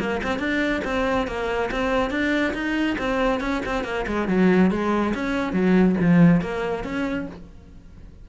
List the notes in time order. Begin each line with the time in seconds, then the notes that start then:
0.00 A#3
0.24 C4
0.39 D4
0.85 C4
1.27 A#3
1.72 C4
2.11 D4
2.54 D#4
2.99 C4
3.41 C#4
3.66 C4
3.84 A#3
4.07 G#3
4.28 F#3
4.71 G#3
5.15 C#4
5.53 F#3
6.01 F3
6.41 A#3
6.84 C#4